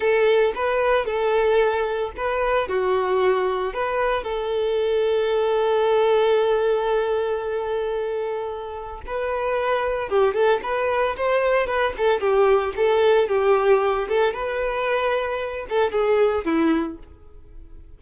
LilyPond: \new Staff \with { instrumentName = "violin" } { \time 4/4 \tempo 4 = 113 a'4 b'4 a'2 | b'4 fis'2 b'4 | a'1~ | a'1~ |
a'4 b'2 g'8 a'8 | b'4 c''4 b'8 a'8 g'4 | a'4 g'4. a'8 b'4~ | b'4. a'8 gis'4 e'4 | }